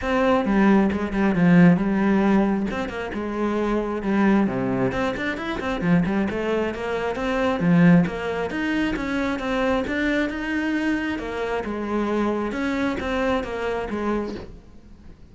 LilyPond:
\new Staff \with { instrumentName = "cello" } { \time 4/4 \tempo 4 = 134 c'4 g4 gis8 g8 f4 | g2 c'8 ais8 gis4~ | gis4 g4 c4 c'8 d'8 | e'8 c'8 f8 g8 a4 ais4 |
c'4 f4 ais4 dis'4 | cis'4 c'4 d'4 dis'4~ | dis'4 ais4 gis2 | cis'4 c'4 ais4 gis4 | }